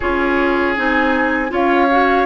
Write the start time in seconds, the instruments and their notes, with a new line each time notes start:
0.00 bassoon C#4, clarinet F4, oboe G#4, flute C#5
0.76 bassoon C4, clarinet D#4, flute G#5
1.49 bassoon C#4, clarinet F4, oboe C#5, flute F5
1.90 clarinet F#4